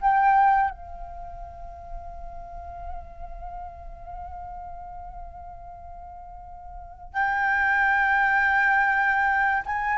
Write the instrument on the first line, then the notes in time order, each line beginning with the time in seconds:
flute
0.00 G5
0.70 F5
7.13 G5
9.66 G#5